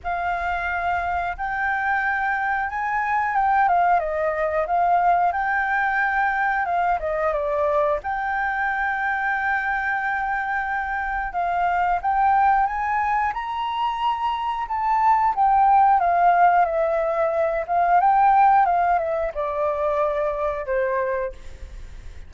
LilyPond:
\new Staff \with { instrumentName = "flute" } { \time 4/4 \tempo 4 = 90 f''2 g''2 | gis''4 g''8 f''8 dis''4 f''4 | g''2 f''8 dis''8 d''4 | g''1~ |
g''4 f''4 g''4 gis''4 | ais''2 a''4 g''4 | f''4 e''4. f''8 g''4 | f''8 e''8 d''2 c''4 | }